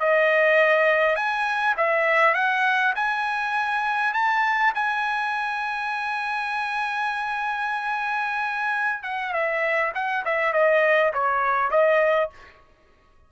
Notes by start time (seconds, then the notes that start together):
0.00 D#5
1.16 G#5
1.78 E5
2.35 F#5
2.96 G#5
4.14 A5
4.75 G#5
9.04 F#5
9.33 E5
9.95 F#5
10.25 E5
10.53 D#5
11.14 C#5
11.71 D#5